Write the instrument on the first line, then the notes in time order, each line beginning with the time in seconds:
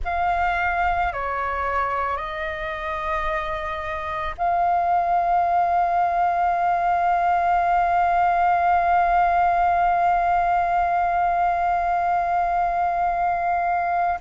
flute
0.04 F5
1.12 C#5
2.16 D#5
4.37 F5